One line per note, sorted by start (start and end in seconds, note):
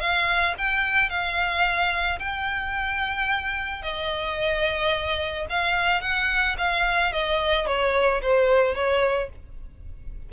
0.00 0.55 F5
0.58 1.10 G5
1.10 2.19 F5
2.20 3.83 G5
3.83 5.46 D#5
5.50 6.01 F5
6.01 6.56 F#5
6.58 7.13 F5
7.13 7.67 D#5
7.67 8.21 C#5
8.22 8.75 C5
8.75 9.30 C#5